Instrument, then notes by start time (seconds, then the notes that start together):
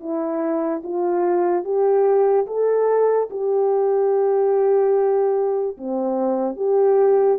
horn
0.00 E4
0.84 F4
1.65 G4
2.47 A4
3.31 G4
5.78 C4
6.57 G4